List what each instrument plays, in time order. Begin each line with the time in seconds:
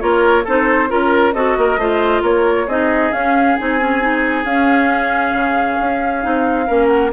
0.00 bassoon A#3, clarinet F4, oboe A#4, flute C#5
0.45 bassoon C4, clarinet D#4, oboe A4, flute C5
0.89 bassoon C#4, clarinet F4, flute A#4, oboe A#4
1.34 bassoon C4, clarinet F#4, oboe A4, flute D#5
1.58 bassoon A#3, oboe A#4
1.77 bassoon A3, clarinet F4, oboe C5
2.22 bassoon A#3, oboe A#4, flute C#5
2.67 bassoon C4, clarinet D#4, oboe G#4, flute D#5
3.12 bassoon C#4, clarinet C#4, flute F5
3.57 bassoon C4, clarinet D#4, flute G#5
3.80 clarinet C#4
4.01 clarinet D#4
4.45 bassoon C#4, clarinet C#4, flute F5
5.33 bassoon C#3
5.81 bassoon C#4
6.22 bassoon C4, clarinet D#4
6.67 bassoon A#3, clarinet C#4, oboe A#4
6.88 flute F#5